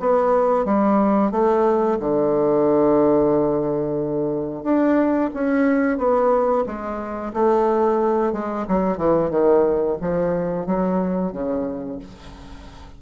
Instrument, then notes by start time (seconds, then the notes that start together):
bassoon
0.00 B3
0.65 G3
1.31 A3
2.00 D3
4.64 D4
5.34 C#4
5.98 B3
6.66 G#3
7.34 A3
8.33 G#3
8.68 F#3
8.97 E3
9.30 D#3
10.01 F3
10.66 F#3
11.32 C#3